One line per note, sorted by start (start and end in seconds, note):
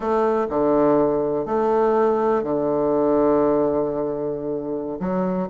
0.00 0.46 A3
0.49 1.45 D3
1.45 2.43 A3
2.43 4.99 D3
4.99 5.48 F#3